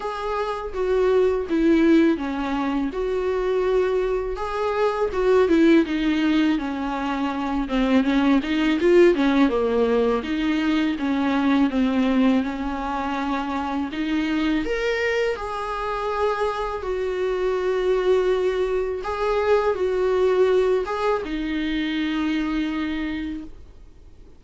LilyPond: \new Staff \with { instrumentName = "viola" } { \time 4/4 \tempo 4 = 82 gis'4 fis'4 e'4 cis'4 | fis'2 gis'4 fis'8 e'8 | dis'4 cis'4. c'8 cis'8 dis'8 | f'8 cis'8 ais4 dis'4 cis'4 |
c'4 cis'2 dis'4 | ais'4 gis'2 fis'4~ | fis'2 gis'4 fis'4~ | fis'8 gis'8 dis'2. | }